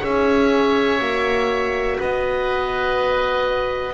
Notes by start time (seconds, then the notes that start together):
0.00 C#4 G#4 C#5 E5
0.99 A#3 F#4
1.99 B3 B4 D#5